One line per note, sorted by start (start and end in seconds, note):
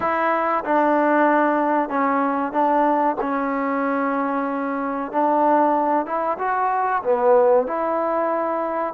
0.00 0.64 E4
0.64 1.89 D4
1.89 2.52 C#4
2.52 3.16 D4
3.20 5.12 C#4
5.12 6.06 D4
6.06 6.37 E4
6.38 7.02 F#4
7.03 7.66 B3
7.66 8.94 E4